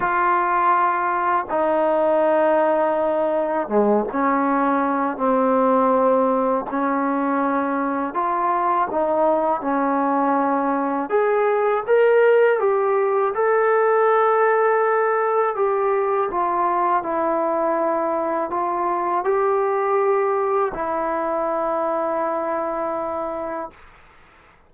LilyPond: \new Staff \with { instrumentName = "trombone" } { \time 4/4 \tempo 4 = 81 f'2 dis'2~ | dis'4 gis8 cis'4. c'4~ | c'4 cis'2 f'4 | dis'4 cis'2 gis'4 |
ais'4 g'4 a'2~ | a'4 g'4 f'4 e'4~ | e'4 f'4 g'2 | e'1 | }